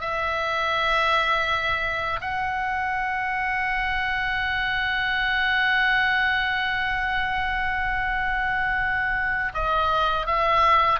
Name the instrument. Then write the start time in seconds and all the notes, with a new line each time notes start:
oboe
0.00 E5
2.21 F#5
9.54 D#5
10.26 E5